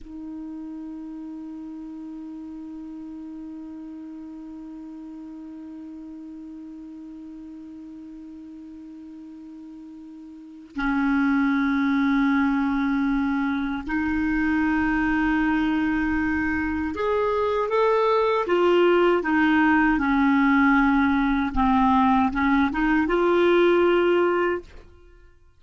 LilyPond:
\new Staff \with { instrumentName = "clarinet" } { \time 4/4 \tempo 4 = 78 dis'1~ | dis'1~ | dis'1~ | dis'2 cis'2~ |
cis'2 dis'2~ | dis'2 gis'4 a'4 | f'4 dis'4 cis'2 | c'4 cis'8 dis'8 f'2 | }